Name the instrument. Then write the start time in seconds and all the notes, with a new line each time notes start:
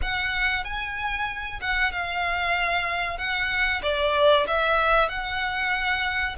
violin
0.02 F#5
0.64 G#5
1.61 F#5
1.92 F5
3.17 F#5
3.82 D5
4.47 E5
5.08 F#5